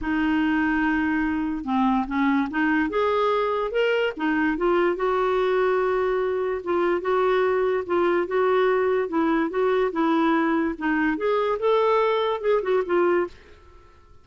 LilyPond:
\new Staff \with { instrumentName = "clarinet" } { \time 4/4 \tempo 4 = 145 dis'1 | c'4 cis'4 dis'4 gis'4~ | gis'4 ais'4 dis'4 f'4 | fis'1 |
f'4 fis'2 f'4 | fis'2 e'4 fis'4 | e'2 dis'4 gis'4 | a'2 gis'8 fis'8 f'4 | }